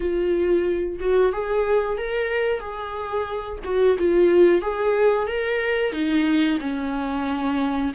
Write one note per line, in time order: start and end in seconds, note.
0.00 0.99 F4
1.00 1.32 F#4
1.32 1.98 G#4
1.98 2.60 A#4
2.60 3.58 G#4
3.64 3.97 F#4
3.98 4.61 F4
4.61 5.27 G#4
5.27 5.92 A#4
5.92 6.58 D#4
6.60 7.92 C#4